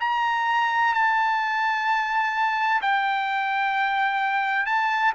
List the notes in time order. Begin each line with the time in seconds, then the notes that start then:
0.00 A#5
0.94 A5
2.82 G5
4.66 A5